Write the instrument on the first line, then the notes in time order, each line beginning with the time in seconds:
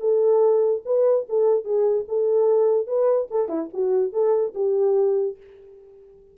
horn
0.00 A4
0.85 B4
1.29 A4
1.64 G#4
2.08 A4
2.87 B4
3.31 A4
3.48 E4
3.73 F#4
4.12 A4
4.54 G4